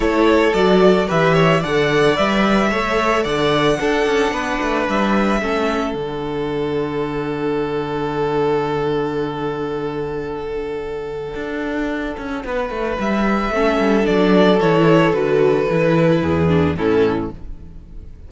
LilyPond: <<
  \new Staff \with { instrumentName = "violin" } { \time 4/4 \tempo 4 = 111 cis''4 d''4 e''4 fis''4 | e''2 fis''2~ | fis''4 e''2 fis''4~ | fis''1~ |
fis''1~ | fis''1 | e''2 d''4 cis''4 | b'2. a'4 | }
  \new Staff \with { instrumentName = "violin" } { \time 4/4 a'2 b'8 cis''8 d''4~ | d''4 cis''4 d''4 a'4 | b'2 a'2~ | a'1~ |
a'1~ | a'2. b'4~ | b'4 a'2.~ | a'2 gis'4 e'4 | }
  \new Staff \with { instrumentName = "viola" } { \time 4/4 e'4 fis'4 g'4 a'4 | b'4 a'2 d'4~ | d'2 cis'4 d'4~ | d'1~ |
d'1~ | d'1~ | d'4 cis'4 d'4 e'4 | fis'4 e'4. d'8 cis'4 | }
  \new Staff \with { instrumentName = "cello" } { \time 4/4 a4 fis4 e4 d4 | g4 a4 d4 d'8 cis'8 | b8 a8 g4 a4 d4~ | d1~ |
d1~ | d4 d'4. cis'8 b8 a8 | g4 a8 g8 fis4 e4 | d4 e4 e,4 a,4 | }
>>